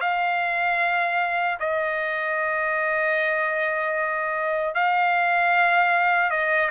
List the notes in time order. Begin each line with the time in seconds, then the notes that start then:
0.00 F5
1.59 D#5
4.74 F5
6.30 D#5